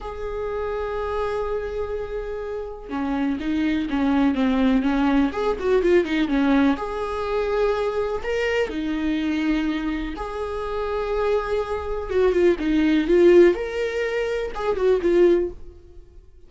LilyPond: \new Staff \with { instrumentName = "viola" } { \time 4/4 \tempo 4 = 124 gis'1~ | gis'2 cis'4 dis'4 | cis'4 c'4 cis'4 gis'8 fis'8 | f'8 dis'8 cis'4 gis'2~ |
gis'4 ais'4 dis'2~ | dis'4 gis'2.~ | gis'4 fis'8 f'8 dis'4 f'4 | ais'2 gis'8 fis'8 f'4 | }